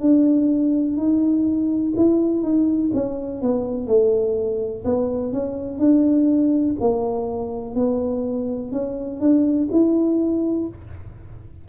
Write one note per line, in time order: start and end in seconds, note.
0.00 0.97 D4
0.97 1.94 D#4
1.96 2.43 E4
2.43 2.91 D#4
2.94 3.42 C#4
3.42 3.87 B3
3.87 4.84 A3
4.85 5.33 B3
5.33 5.78 C#4
5.78 6.75 D4
6.80 7.75 A#3
7.75 8.72 B3
8.72 9.20 C#4
9.20 9.69 D4
9.71 10.68 E4